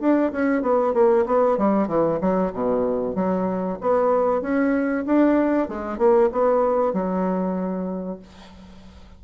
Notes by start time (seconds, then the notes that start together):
0.00 D4
0.32 C#4
0.62 B3
0.94 A#3
1.26 B3
1.58 G3
1.87 E3
2.20 F#3
2.53 B2
3.15 F#3
3.81 B3
4.42 C#4
5.06 D4
5.68 G#3
5.98 A#3
6.32 B3
6.93 F#3